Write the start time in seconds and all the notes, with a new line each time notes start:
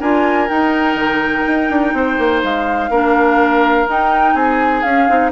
0.00 D4 F4 A#4 G#5
0.48 D#4 G5
0.95 D#3
1.47 D#4
1.70 D4
1.93 C4 C5
2.18 A#3
2.44 G#3 F5
2.90 A#3 D4 A#4
3.87 D#4 G5
4.34 C4 G#4 G#5
4.82 C#4 F5
5.09 C4 D#4